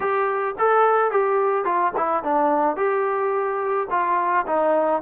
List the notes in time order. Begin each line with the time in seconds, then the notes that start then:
0.00 G4
0.58 A4
1.11 G4
1.64 F4
1.96 E4
2.23 D4
2.76 G4
3.90 F4
4.46 D#4